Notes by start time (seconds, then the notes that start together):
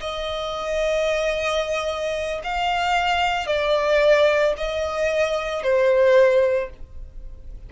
0.00 D#5
2.44 F5
3.46 D5
4.57 D#5
5.62 C5